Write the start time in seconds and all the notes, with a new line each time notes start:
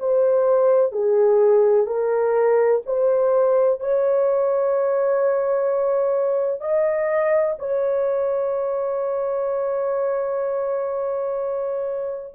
0.00 C5
0.92 G#4
1.87 A#4
2.86 C5
3.81 C#5
6.61 D#5
7.59 C#5